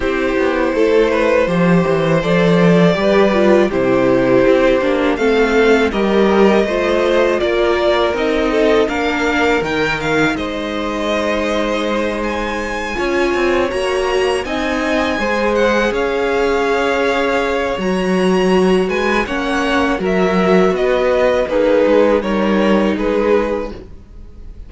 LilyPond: <<
  \new Staff \with { instrumentName = "violin" } { \time 4/4 \tempo 4 = 81 c''2. d''4~ | d''4 c''2 f''4 | dis''2 d''4 dis''4 | f''4 g''8 f''8 dis''2~ |
dis''8 gis''2 ais''4 gis''8~ | gis''4 fis''8 f''2~ f''8 | ais''4. gis''8 fis''4 e''4 | dis''4 b'4 cis''4 b'4 | }
  \new Staff \with { instrumentName = "violin" } { \time 4/4 g'4 a'8 b'8 c''2 | b'4 g'2 a'4 | ais'4 c''4 ais'4. a'8 | ais'2 c''2~ |
c''4. cis''2 dis''8~ | dis''8 c''4 cis''2~ cis''8~ | cis''4. b'8 cis''4 ais'4 | b'4 dis'4 ais'4 gis'4 | }
  \new Staff \with { instrumentName = "viola" } { \time 4/4 e'2 g'4 a'4 | g'8 f'8 e'4. d'8 c'4 | g'4 f'2 dis'4 | d'4 dis'2.~ |
dis'4. f'4 fis'4 dis'8~ | dis'8 gis'2.~ gis'8 | fis'2 cis'4 fis'4~ | fis'4 gis'4 dis'2 | }
  \new Staff \with { instrumentName = "cello" } { \time 4/4 c'8 b8 a4 f8 e8 f4 | g4 c4 c'8 ais8 a4 | g4 a4 ais4 c'4 | ais4 dis4 gis2~ |
gis4. cis'8 c'8 ais4 c'8~ | c'8 gis4 cis'2~ cis'8 | fis4. gis8 ais4 fis4 | b4 ais8 gis8 g4 gis4 | }
>>